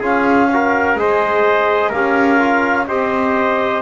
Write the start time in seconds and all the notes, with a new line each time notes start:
0.00 C#4 F4 G#4 F5
0.53 F#4 A#4
0.95 G#3 G#4 C5 D#5
1.89 C#4 G4 A#4 F5
2.39 F4
2.87 C4 G4 C5 D#5